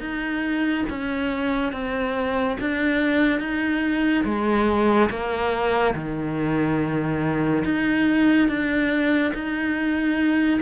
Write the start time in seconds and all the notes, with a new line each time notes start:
0.00 D#4
0.90 C#4
1.73 C4
2.60 D4
3.40 D#4
4.25 G#3
5.10 A#3
5.95 D#3
7.65 D#4
8.49 D4
9.34 D#4